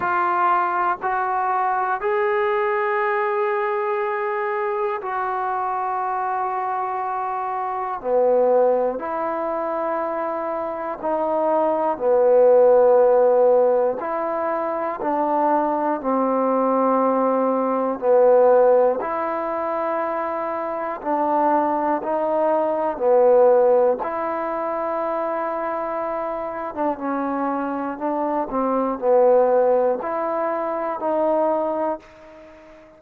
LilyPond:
\new Staff \with { instrumentName = "trombone" } { \time 4/4 \tempo 4 = 60 f'4 fis'4 gis'2~ | gis'4 fis'2. | b4 e'2 dis'4 | b2 e'4 d'4 |
c'2 b4 e'4~ | e'4 d'4 dis'4 b4 | e'2~ e'8. d'16 cis'4 | d'8 c'8 b4 e'4 dis'4 | }